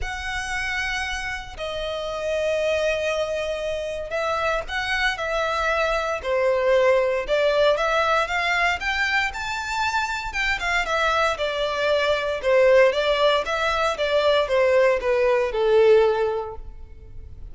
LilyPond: \new Staff \with { instrumentName = "violin" } { \time 4/4 \tempo 4 = 116 fis''2. dis''4~ | dis''1 | e''4 fis''4 e''2 | c''2 d''4 e''4 |
f''4 g''4 a''2 | g''8 f''8 e''4 d''2 | c''4 d''4 e''4 d''4 | c''4 b'4 a'2 | }